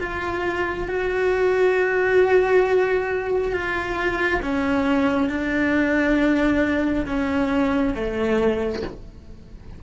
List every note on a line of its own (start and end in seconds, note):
0.00 0.88 F4
0.88 3.53 F#4
3.53 4.41 F4
4.42 5.29 C#4
5.29 7.05 D4
7.06 7.94 C#4
7.94 8.82 A3